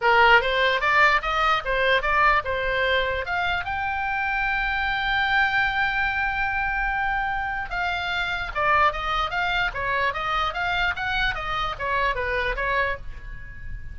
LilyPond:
\new Staff \with { instrumentName = "oboe" } { \time 4/4 \tempo 4 = 148 ais'4 c''4 d''4 dis''4 | c''4 d''4 c''2 | f''4 g''2.~ | g''1~ |
g''2. f''4~ | f''4 d''4 dis''4 f''4 | cis''4 dis''4 f''4 fis''4 | dis''4 cis''4 b'4 cis''4 | }